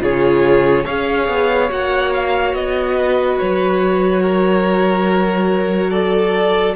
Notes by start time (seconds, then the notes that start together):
0.00 C#3 F4 G#4 C#5
0.85 C#4 G#4 C#5 F5
1.28 B3
1.70 A#3 F#4 F#5
2.13 F5
2.53 B3 D#5
2.98 B4
3.39 F#3 C#5
4.22 A#4
5.90 A4 D5